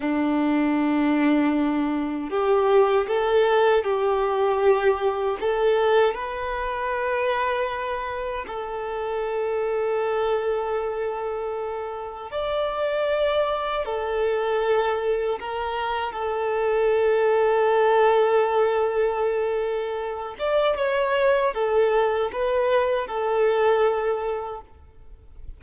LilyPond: \new Staff \with { instrumentName = "violin" } { \time 4/4 \tempo 4 = 78 d'2. g'4 | a'4 g'2 a'4 | b'2. a'4~ | a'1 |
d''2 a'2 | ais'4 a'2.~ | a'2~ a'8 d''8 cis''4 | a'4 b'4 a'2 | }